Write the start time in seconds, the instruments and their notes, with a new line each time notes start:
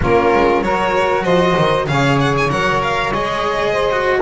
0.01 double bass A#3, cello C#4, saxophone F4, violin A#4
0.34 double bass G#3
0.61 double bass F#3, cello F#4, saxophone A#4, violin C#5
1.23 double bass F3, saxophone C5, violin D#5
1.58 double bass D#3
1.86 double bass C#3, cello G#4, saxophone C#5, violin F5
2.19 violin F#5
2.37 violin G#5
2.49 double bass F#3, cello A#4, violin F#5
2.82 violin F5
3.11 double bass G#3, cello G#4, violin D#5
3.71 saxophone C5
3.91 cello F#4